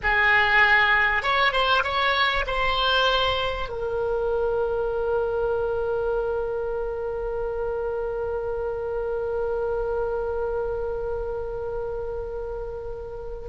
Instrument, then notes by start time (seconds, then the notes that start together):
oboe
0.03 G#4
1.22 C#5
1.52 C5
1.83 C#5
2.46 C5
3.68 A#4